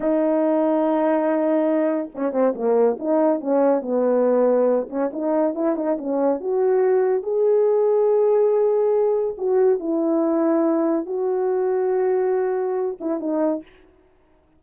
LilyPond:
\new Staff \with { instrumentName = "horn" } { \time 4/4 \tempo 4 = 141 dis'1~ | dis'4 cis'8 c'8 ais4 dis'4 | cis'4 b2~ b8 cis'8 | dis'4 e'8 dis'8 cis'4 fis'4~ |
fis'4 gis'2.~ | gis'2 fis'4 e'4~ | e'2 fis'2~ | fis'2~ fis'8 e'8 dis'4 | }